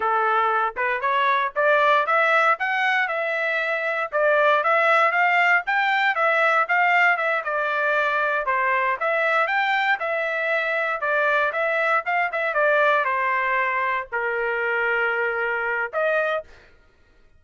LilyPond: \new Staff \with { instrumentName = "trumpet" } { \time 4/4 \tempo 4 = 117 a'4. b'8 cis''4 d''4 | e''4 fis''4 e''2 | d''4 e''4 f''4 g''4 | e''4 f''4 e''8 d''4.~ |
d''8 c''4 e''4 g''4 e''8~ | e''4. d''4 e''4 f''8 | e''8 d''4 c''2 ais'8~ | ais'2. dis''4 | }